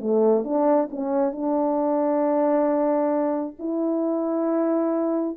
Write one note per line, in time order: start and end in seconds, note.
0.00 0.44 A3
0.44 0.89 D4
0.90 1.32 C#4
1.32 3.56 D4
3.59 5.37 E4